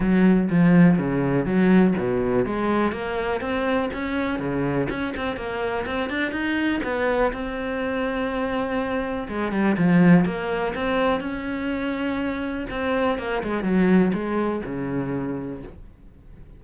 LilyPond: \new Staff \with { instrumentName = "cello" } { \time 4/4 \tempo 4 = 123 fis4 f4 cis4 fis4 | b,4 gis4 ais4 c'4 | cis'4 cis4 cis'8 c'8 ais4 | c'8 d'8 dis'4 b4 c'4~ |
c'2. gis8 g8 | f4 ais4 c'4 cis'4~ | cis'2 c'4 ais8 gis8 | fis4 gis4 cis2 | }